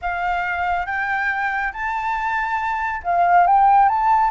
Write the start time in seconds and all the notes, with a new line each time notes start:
0.01 F5
0.86 G5
1.72 A5
3.03 F5
3.46 G5
3.88 A5